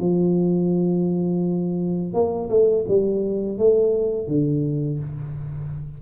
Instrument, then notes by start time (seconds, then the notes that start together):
tuba
0.00 F3
2.14 A#3
2.50 A3
2.88 G3
3.58 A3
4.28 D3